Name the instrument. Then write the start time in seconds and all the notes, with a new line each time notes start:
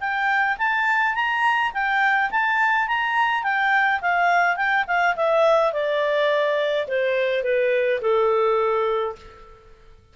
clarinet
0.00 G5
0.58 A5
1.15 A#5
1.74 G5
2.31 A5
2.88 A#5
3.43 G5
4.01 F5
4.56 G5
4.87 F5
5.16 E5
5.73 D5
6.88 C5
7.43 B4
8.01 A4